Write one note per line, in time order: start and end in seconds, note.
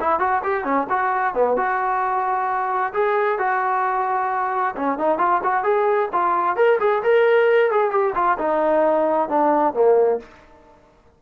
0.00 0.19 E4
0.19 0.42 F#4
0.43 0.64 G4
0.64 0.87 C#4
0.89 1.34 F#4
1.34 1.56 B3
1.56 2.93 F#4
2.93 3.38 G#4
3.38 4.75 F#4
4.75 4.98 C#4
4.98 5.18 D#4
5.18 5.41 F4
5.43 5.63 F#4
5.63 6.09 G#4
6.12 6.56 F4
6.56 6.79 A#4
6.80 7.02 G#4
7.03 7.71 A#4
7.71 7.90 G#4
7.90 8.13 G4
8.14 8.37 F4
8.38 9.29 D#4
9.29 9.74 D4
9.74 10.19 A#3